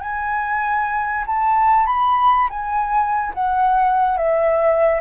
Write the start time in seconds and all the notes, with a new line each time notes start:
0.00 G#5
1.27 A5
1.86 B5
2.50 G#5
3.34 F#5
4.17 E5